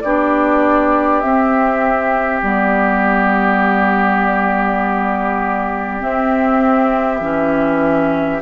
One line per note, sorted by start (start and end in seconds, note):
0.00 1.23 B3
0.00 1.23 D4
0.00 8.42 G4
0.00 1.20 D5
1.20 2.42 C4
1.20 2.41 C4
1.20 2.40 E5
2.41 6.02 G3
2.41 6.00 B3
2.41 6.02 D5
6.00 7.20 C4
6.00 8.42 E5
7.20 8.39 E3
7.20 8.41 C#4